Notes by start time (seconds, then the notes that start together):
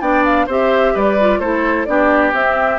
0.00 B3 D4 D5 G5
0.24 F5
0.46 C4 G4 C5 E5
0.94 G3 B4 D5
1.20 F4
1.39 A3 E4 A4 C5
1.85 B3 D4 G4 D5
2.32 C4 E5